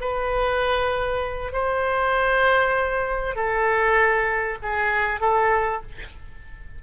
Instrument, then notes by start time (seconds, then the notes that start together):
oboe
0.00 B4
1.52 C5
3.35 A4
4.62 G#4
5.20 A4